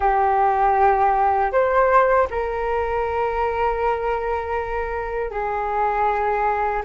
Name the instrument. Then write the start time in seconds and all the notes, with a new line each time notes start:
flute
0.00 G4
1.52 C5
2.30 A#4
5.30 G#4